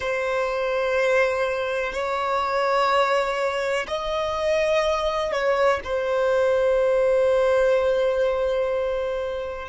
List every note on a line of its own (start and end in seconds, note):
0.00 1.92 C5
1.92 3.86 C#5
3.87 5.32 D#5
5.32 5.80 C#5
5.84 9.68 C5